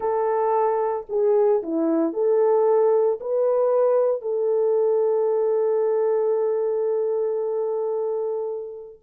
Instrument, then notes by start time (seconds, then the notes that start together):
horn
0.00 A4
1.09 G#4
1.62 E4
2.13 A4
3.20 B4
4.21 A4